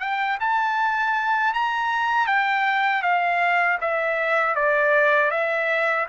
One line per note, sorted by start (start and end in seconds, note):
0.00 0.38 G5
0.40 1.54 A5
1.54 2.27 A#5
2.27 3.02 G5
3.02 3.78 F5
3.81 4.55 E5
4.55 5.31 D5
5.31 6.07 E5